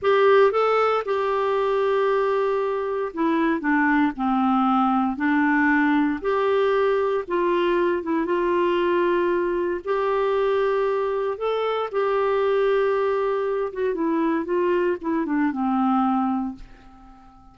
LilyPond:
\new Staff \with { instrumentName = "clarinet" } { \time 4/4 \tempo 4 = 116 g'4 a'4 g'2~ | g'2 e'4 d'4 | c'2 d'2 | g'2 f'4. e'8 |
f'2. g'4~ | g'2 a'4 g'4~ | g'2~ g'8 fis'8 e'4 | f'4 e'8 d'8 c'2 | }